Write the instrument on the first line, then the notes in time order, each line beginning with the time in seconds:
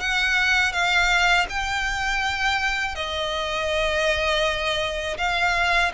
violin
0.00 F#5
0.73 F5
1.49 G5
2.95 D#5
5.18 F5